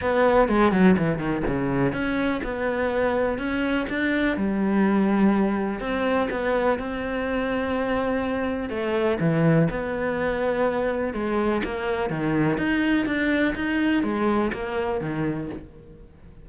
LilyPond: \new Staff \with { instrumentName = "cello" } { \time 4/4 \tempo 4 = 124 b4 gis8 fis8 e8 dis8 cis4 | cis'4 b2 cis'4 | d'4 g2. | c'4 b4 c'2~ |
c'2 a4 e4 | b2. gis4 | ais4 dis4 dis'4 d'4 | dis'4 gis4 ais4 dis4 | }